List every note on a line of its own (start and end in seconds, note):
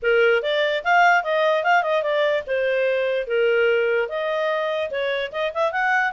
0.02 0.42 A#4
0.42 0.83 D5
0.84 1.23 F5
1.23 1.63 D#5
1.63 1.82 F5
1.82 2.02 D#5
2.02 2.43 D5
2.47 3.27 C5
3.27 4.08 A#4
4.09 4.90 D#5
4.90 5.31 C#5
5.32 5.52 D#5
5.54 5.72 E5
5.72 6.12 F#5